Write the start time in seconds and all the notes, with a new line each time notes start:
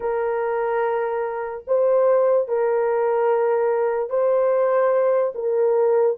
0.00 A#4
1.67 C5
2.47 A#4
4.09 C5
5.34 A#4